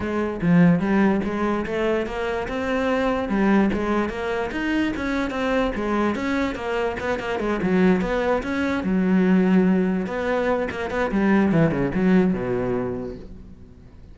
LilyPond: \new Staff \with { instrumentName = "cello" } { \time 4/4 \tempo 4 = 146 gis4 f4 g4 gis4 | a4 ais4 c'2 | g4 gis4 ais4 dis'4 | cis'4 c'4 gis4 cis'4 |
ais4 b8 ais8 gis8 fis4 b8~ | b8 cis'4 fis2~ fis8~ | fis8 b4. ais8 b8 g4 | e8 cis8 fis4 b,2 | }